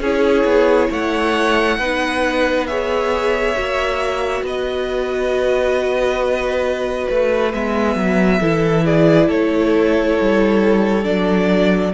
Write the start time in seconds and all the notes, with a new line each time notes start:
0.00 C#4 E4 G#4 C#5
0.44 B3
0.90 A3 C#5 F#5
1.78 B3 D#4 B4
2.66 G#4 C#5 E5
3.55 A#3 F#4
4.42 B3 B4 D#5
7.08 A3 B4
7.53 G#3 B3 E5
7.95 F#3
8.40 E3 E4 A4
8.84 G#4 D5
9.27 A3 A4 C#5
10.20 G3
11.03 F#3 D4 D5